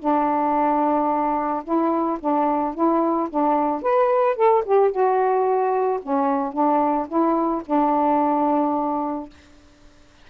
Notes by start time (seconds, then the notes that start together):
0.00 D4
1.64 E4
2.21 D4
2.75 E4
3.30 D4
3.83 B4
4.37 A4
4.66 G4
4.91 F#4
6.03 C#4
6.53 D4
7.08 E4
7.66 D4